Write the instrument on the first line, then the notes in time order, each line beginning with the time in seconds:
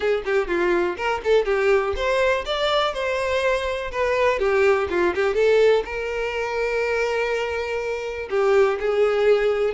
violin
0.00 G#4
0.25 G4
0.47 F4
0.96 A#4
1.24 A4
1.45 G4
1.95 C5
2.45 D5
2.93 C5
3.91 B4
4.39 G4
4.90 F4
5.15 G4
5.34 A4
5.84 A#4
8.30 G4
8.80 G#4